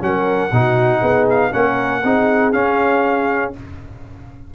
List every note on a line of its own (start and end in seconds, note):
0.00 0.51 F#3
0.00 0.50 C#4
0.00 0.52 A#4
0.00 1.27 F#5
0.51 1.01 B2
0.51 1.52 D#4
0.51 0.99 F#4
0.99 1.51 B3
0.99 1.49 G#4
1.29 1.52 F5
1.52 2.03 A#3
1.52 2.02 C#4
1.52 2.02 A#4
1.52 2.52 F#5
2.03 2.53 C4
2.03 2.53 D#4
2.03 3.54 G#4
2.52 3.53 C#4
2.52 3.52 F5